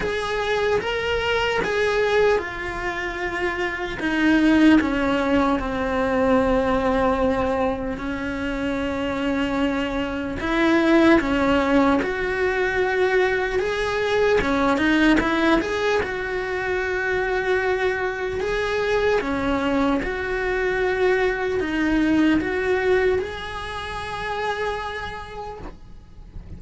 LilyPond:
\new Staff \with { instrumentName = "cello" } { \time 4/4 \tempo 4 = 75 gis'4 ais'4 gis'4 f'4~ | f'4 dis'4 cis'4 c'4~ | c'2 cis'2~ | cis'4 e'4 cis'4 fis'4~ |
fis'4 gis'4 cis'8 dis'8 e'8 gis'8 | fis'2. gis'4 | cis'4 fis'2 dis'4 | fis'4 gis'2. | }